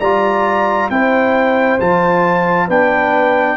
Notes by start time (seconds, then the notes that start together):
0.00 G3 F4 D5 A#5
0.90 C4 E4 C5 G5
1.80 F3 F4 A5
2.67 B3 D4 B4 G5